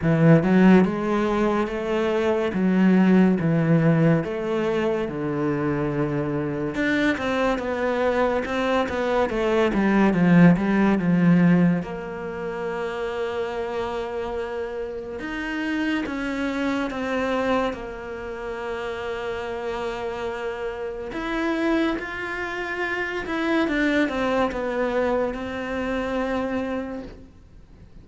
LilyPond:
\new Staff \with { instrumentName = "cello" } { \time 4/4 \tempo 4 = 71 e8 fis8 gis4 a4 fis4 | e4 a4 d2 | d'8 c'8 b4 c'8 b8 a8 g8 | f8 g8 f4 ais2~ |
ais2 dis'4 cis'4 | c'4 ais2.~ | ais4 e'4 f'4. e'8 | d'8 c'8 b4 c'2 | }